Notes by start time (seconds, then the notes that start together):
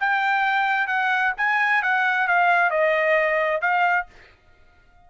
0.00 G5
0.87 F#5
1.37 G#5
1.82 F#5
2.27 F5
2.70 D#5
3.61 F5